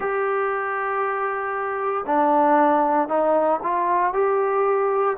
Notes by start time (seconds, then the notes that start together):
0.00 G4
2.06 D4
3.08 D#4
3.63 F4
4.13 G4